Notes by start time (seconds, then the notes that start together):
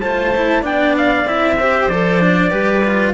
0.00 A3 F4 C5 A5
0.35 E4
0.61 B3 D4 D5 G5
0.97 F5
1.25 C4 E4 E5
1.59 G4 C5
1.88 F3 A4 D5
2.20 D4
2.50 G3 G4 B4
2.84 F4